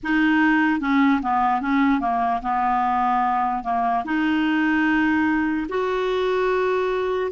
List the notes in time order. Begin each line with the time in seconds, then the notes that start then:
0.03 D#4
0.80 C#4
1.22 B3
1.61 C#4
2.00 A#3
2.42 B3
3.63 A#3
4.04 D#4
5.68 F#4